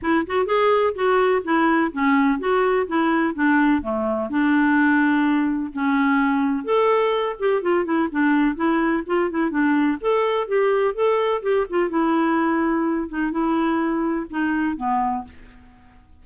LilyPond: \new Staff \with { instrumentName = "clarinet" } { \time 4/4 \tempo 4 = 126 e'8 fis'8 gis'4 fis'4 e'4 | cis'4 fis'4 e'4 d'4 | a4 d'2. | cis'2 a'4. g'8 |
f'8 e'8 d'4 e'4 f'8 e'8 | d'4 a'4 g'4 a'4 | g'8 f'8 e'2~ e'8 dis'8 | e'2 dis'4 b4 | }